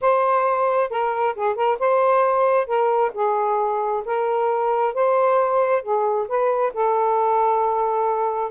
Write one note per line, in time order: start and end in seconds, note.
0.01 0.90 C5
0.90 1.35 A#4
1.35 1.55 G#4
1.55 1.78 A#4
1.79 2.66 C5
2.66 3.11 A#4
3.14 4.03 G#4
4.05 4.94 A#4
4.94 5.82 C5
5.82 6.27 G#4
6.28 6.72 B4
6.73 8.51 A4